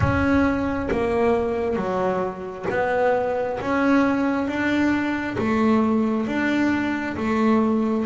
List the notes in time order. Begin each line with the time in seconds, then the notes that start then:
0.00 C#4
0.91 A#3
1.76 F#3
2.70 B3
3.61 C#4
4.47 D4
5.37 A3
6.26 D4
7.16 A3